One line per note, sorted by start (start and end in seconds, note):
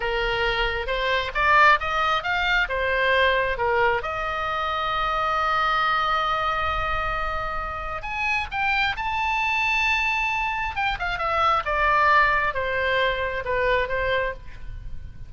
0.00 0.86 A#4
0.86 1.31 C5
1.34 1.79 D5
1.80 2.23 D#5
2.23 2.67 F5
2.68 3.57 C5
3.57 4.02 A#4
4.02 8.02 D#5
8.02 8.47 G#5
8.51 8.96 G5
8.96 10.75 A5
10.75 10.98 G5
10.99 11.18 F5
11.18 11.63 E5
11.65 12.54 D5
12.54 13.43 C5
13.44 13.88 B4
13.88 14.33 C5